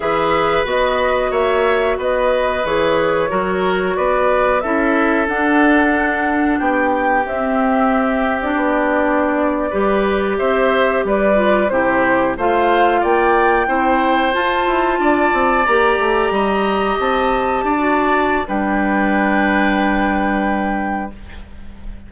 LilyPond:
<<
  \new Staff \with { instrumentName = "flute" } { \time 4/4 \tempo 4 = 91 e''4 dis''4 e''4 dis''4 | cis''2 d''4 e''4 | fis''2 g''4 e''4~ | e''8. d''2. e''16~ |
e''8. d''4 c''4 f''4 g''16~ | g''4.~ g''16 a''2 ais''16~ | ais''4.~ ais''16 a''2~ a''16 | g''1 | }
  \new Staff \with { instrumentName = "oboe" } { \time 4/4 b'2 cis''4 b'4~ | b'4 ais'4 b'4 a'4~ | a'2 g'2~ | g'2~ g'8. b'4 c''16~ |
c''8. b'4 g'4 c''4 d''16~ | d''8. c''2 d''4~ d''16~ | d''8. dis''2 d''4~ d''16 | b'1 | }
  \new Staff \with { instrumentName = "clarinet" } { \time 4/4 gis'4 fis'2. | gis'4 fis'2 e'4 | d'2. c'4~ | c'8. d'2 g'4~ g'16~ |
g'4~ g'16 f'8 e'4 f'4~ f'16~ | f'8. e'4 f'2 g'16~ | g'2. fis'4 | d'1 | }
  \new Staff \with { instrumentName = "bassoon" } { \time 4/4 e4 b4 ais4 b4 | e4 fis4 b4 cis'4 | d'2 b4 c'4~ | c'4 b4.~ b16 g4 c'16~ |
c'8. g4 c4 a4 ais16~ | ais8. c'4 f'8 e'8 d'8 c'8 ais16~ | ais16 a8 g4 c'4 d'4~ d'16 | g1 | }
>>